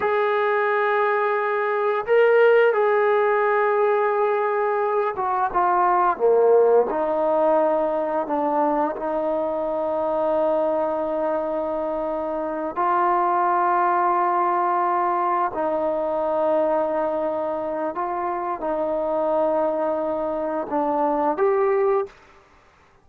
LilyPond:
\new Staff \with { instrumentName = "trombone" } { \time 4/4 \tempo 4 = 87 gis'2. ais'4 | gis'2.~ gis'8 fis'8 | f'4 ais4 dis'2 | d'4 dis'2.~ |
dis'2~ dis'8 f'4.~ | f'2~ f'8 dis'4.~ | dis'2 f'4 dis'4~ | dis'2 d'4 g'4 | }